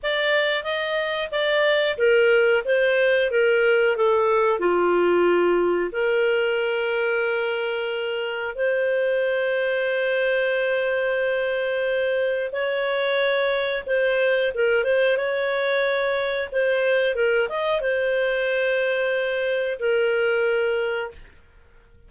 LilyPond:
\new Staff \with { instrumentName = "clarinet" } { \time 4/4 \tempo 4 = 91 d''4 dis''4 d''4 ais'4 | c''4 ais'4 a'4 f'4~ | f'4 ais'2.~ | ais'4 c''2.~ |
c''2. cis''4~ | cis''4 c''4 ais'8 c''8 cis''4~ | cis''4 c''4 ais'8 dis''8 c''4~ | c''2 ais'2 | }